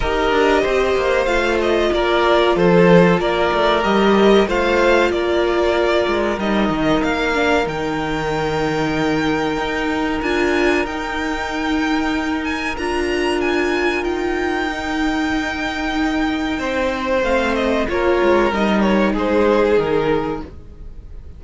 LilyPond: <<
  \new Staff \with { instrumentName = "violin" } { \time 4/4 \tempo 4 = 94 dis''2 f''8 dis''8 d''4 | c''4 d''4 dis''4 f''4 | d''2 dis''4 f''4 | g''1 |
gis''4 g''2~ g''8 gis''8 | ais''4 gis''4 g''2~ | g''2. f''8 dis''8 | cis''4 dis''8 cis''8 c''4 ais'4 | }
  \new Staff \with { instrumentName = "violin" } { \time 4/4 ais'4 c''2 ais'4 | a'4 ais'2 c''4 | ais'1~ | ais'1~ |
ais'1~ | ais'1~ | ais'2 c''2 | ais'2 gis'2 | }
  \new Staff \with { instrumentName = "viola" } { \time 4/4 g'2 f'2~ | f'2 g'4 f'4~ | f'2 dis'4. d'8 | dis'1 |
f'4 dis'2. | f'2. dis'4~ | dis'2. c'4 | f'4 dis'2. | }
  \new Staff \with { instrumentName = "cello" } { \time 4/4 dis'8 d'8 c'8 ais8 a4 ais4 | f4 ais8 a8 g4 a4 | ais4. gis8 g8 dis8 ais4 | dis2. dis'4 |
d'4 dis'2. | d'2 dis'2~ | dis'2 c'4 a4 | ais8 gis8 g4 gis4 dis4 | }
>>